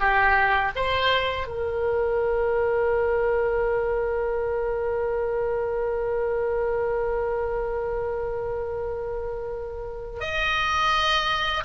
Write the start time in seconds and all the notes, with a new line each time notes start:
0.00 G4
0.76 C5
1.47 A#4
10.21 D#5